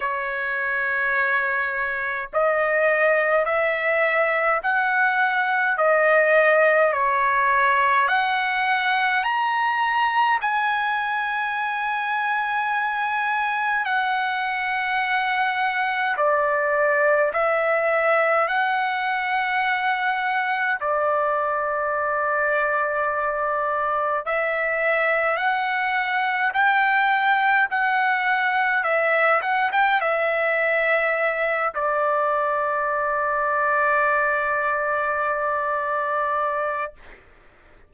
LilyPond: \new Staff \with { instrumentName = "trumpet" } { \time 4/4 \tempo 4 = 52 cis''2 dis''4 e''4 | fis''4 dis''4 cis''4 fis''4 | ais''4 gis''2. | fis''2 d''4 e''4 |
fis''2 d''2~ | d''4 e''4 fis''4 g''4 | fis''4 e''8 fis''16 g''16 e''4. d''8~ | d''1 | }